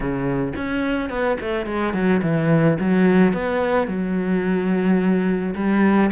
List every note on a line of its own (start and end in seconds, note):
0.00 0.53 C#3
0.56 1.09 C#4
1.09 1.37 B3
1.40 1.66 A3
1.66 1.93 G#3
1.93 2.21 F#3
2.22 2.78 E3
2.79 3.33 F#3
3.33 3.87 B3
3.87 5.54 F#3
5.55 6.10 G3